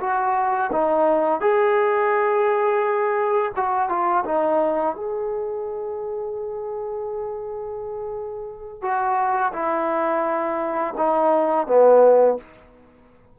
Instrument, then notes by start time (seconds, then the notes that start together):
trombone
0.00 F#4
0.72 D#4
1.41 G#4
3.56 F#4
3.89 F4
4.25 D#4
4.96 G#4
8.82 F#4
9.53 E4
10.97 D#4
11.67 B3